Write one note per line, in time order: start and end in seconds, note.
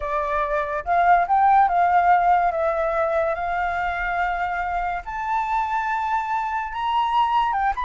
0.00 0.84 D5
0.84 1.26 F5
1.27 1.68 G5
1.68 2.51 F5
2.51 3.35 E5
3.35 5.02 F5
5.05 6.72 A5
6.72 7.52 A#5
7.52 7.73 G5
7.75 7.84 B5